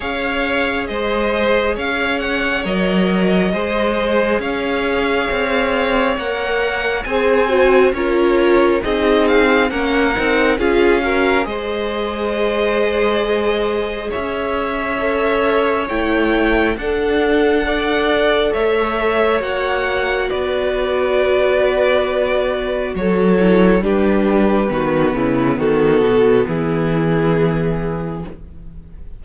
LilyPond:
<<
  \new Staff \with { instrumentName = "violin" } { \time 4/4 \tempo 4 = 68 f''4 dis''4 f''8 fis''8 dis''4~ | dis''4 f''2 fis''4 | gis''4 cis''4 dis''8 f''8 fis''4 | f''4 dis''2. |
e''2 g''4 fis''4~ | fis''4 e''4 fis''4 d''4~ | d''2 cis''4 b'4~ | b'4 a'4 gis'2 | }
  \new Staff \with { instrumentName = "violin" } { \time 4/4 cis''4 c''4 cis''2 | c''4 cis''2. | c''4 ais'4 gis'4 ais'4 | gis'8 ais'8 c''2. |
cis''2. a'4 | d''4 cis''2 b'4~ | b'2 a'4 g'4 | fis'8 e'8 fis'4 e'2 | }
  \new Staff \with { instrumentName = "viola" } { \time 4/4 gis'2. ais'4 | gis'2. ais'4 | gis'8 fis'8 f'4 dis'4 cis'8 dis'8 | f'8 fis'8 gis'2.~ |
gis'4 a'4 e'4 d'4 | a'2 fis'2~ | fis'2~ fis'8 e'8 d'4 | b1 | }
  \new Staff \with { instrumentName = "cello" } { \time 4/4 cis'4 gis4 cis'4 fis4 | gis4 cis'4 c'4 ais4 | c'4 cis'4 c'4 ais8 c'8 | cis'4 gis2. |
cis'2 a4 d'4~ | d'4 a4 ais4 b4~ | b2 fis4 g4 | dis8 cis8 dis8 b,8 e2 | }
>>